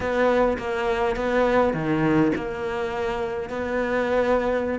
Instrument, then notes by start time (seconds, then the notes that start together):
cello
0.00 B3
0.58 A#3
1.16 B3
1.73 D#3
2.35 A#3
3.49 B3